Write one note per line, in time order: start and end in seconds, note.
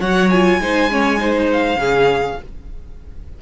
0.00 0.59 F#3
0.00 0.31 F#4
0.00 0.59 C#5
0.00 0.30 F#5
0.30 0.61 F4
0.30 1.48 G#5
0.59 1.75 G#3
0.59 0.90 D#4
0.59 0.91 C5
0.90 1.17 C#4
0.90 1.20 C#5
1.17 1.77 D#4
1.17 1.79 C5
1.52 2.41 F5
1.75 2.34 C#3
1.75 2.37 C#4
1.75 2.38 G#4